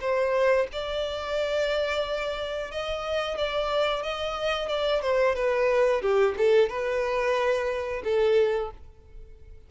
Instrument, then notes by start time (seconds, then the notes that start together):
violin
0.00 C5
0.72 D5
2.71 D#5
3.38 D5
4.03 D#5
4.68 D5
5.01 C5
5.35 B4
6.01 G4
6.37 A4
6.69 B4
8.04 A4